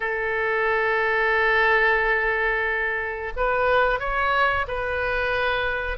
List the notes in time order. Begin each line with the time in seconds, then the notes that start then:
0.00 A4
3.36 B4
3.99 C#5
4.67 B4